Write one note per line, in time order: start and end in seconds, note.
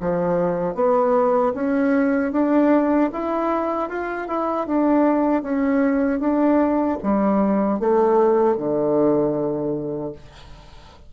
0.00 0.74 F3
0.74 1.52 B3
1.54 2.32 C#4
2.32 3.10 D4
3.12 3.89 E4
3.89 4.27 F4
4.27 4.66 E4
4.66 5.42 D4
5.42 6.19 C#4
6.19 6.97 D4
7.02 7.80 G3
7.80 8.56 A3
8.56 10.12 D3